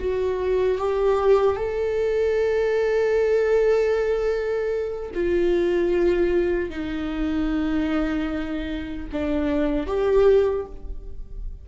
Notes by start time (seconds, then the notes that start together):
0.00 F#4
0.79 G4
1.56 A4
5.15 F4
6.70 D#4
9.13 D4
9.87 G4